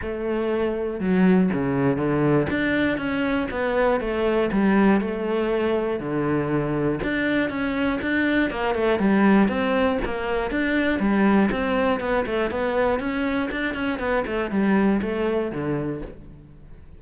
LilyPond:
\new Staff \with { instrumentName = "cello" } { \time 4/4 \tempo 4 = 120 a2 fis4 cis4 | d4 d'4 cis'4 b4 | a4 g4 a2 | d2 d'4 cis'4 |
d'4 ais8 a8 g4 c'4 | ais4 d'4 g4 c'4 | b8 a8 b4 cis'4 d'8 cis'8 | b8 a8 g4 a4 d4 | }